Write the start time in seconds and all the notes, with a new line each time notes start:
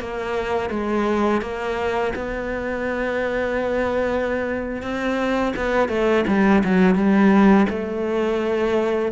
0.00 A#3
0.70 G#3
1.41 A#3
2.15 B3
4.82 C4
5.56 B3
5.89 A3
6.27 G3
6.64 F#3
6.95 G3
7.69 A3